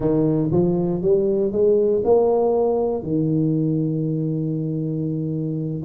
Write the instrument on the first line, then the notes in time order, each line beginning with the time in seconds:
tuba
0.00 D#3
0.51 F3
1.02 G3
1.52 G#3
2.04 A#3
3.02 D#3